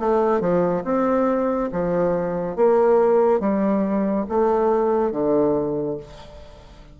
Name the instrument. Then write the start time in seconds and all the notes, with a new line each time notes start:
bassoon
0.00 A3
0.41 F3
0.85 C4
1.72 F3
2.56 A#3
3.41 G3
4.29 A3
5.12 D3